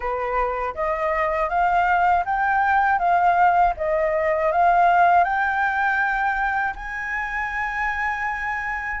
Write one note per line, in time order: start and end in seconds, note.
0.00 0.74 B4
0.75 1.49 D#5
1.49 2.24 F5
2.25 2.98 G5
2.98 3.73 F5
3.76 4.51 D#5
4.52 5.24 F5
5.24 6.74 G5
6.75 9.00 G#5